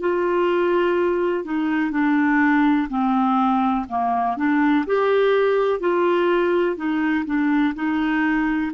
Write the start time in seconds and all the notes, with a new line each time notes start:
0.00 F4
1.44 D#4
1.91 D4
2.89 C4
3.88 A#3
4.37 D4
4.86 G4
5.80 F4
6.77 D#4
7.25 D4
7.75 D#4